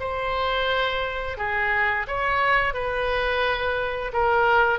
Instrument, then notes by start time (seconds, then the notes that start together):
oboe
0.00 C5
1.38 G#4
2.08 C#5
2.74 B4
4.13 A#4